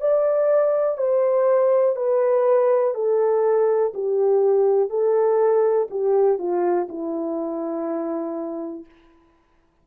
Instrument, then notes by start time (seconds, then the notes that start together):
horn
0.00 D5
0.97 C5
1.96 B4
2.94 A4
3.94 G4
4.90 A4
5.90 G4
6.38 F4
6.89 E4